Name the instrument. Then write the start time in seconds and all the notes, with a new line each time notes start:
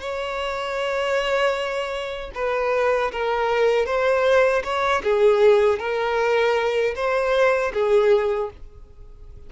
violin
0.00 C#5
2.34 B4
3.12 A#4
3.85 C5
4.63 C#5
5.03 G#4
5.79 A#4
6.95 C5
7.73 G#4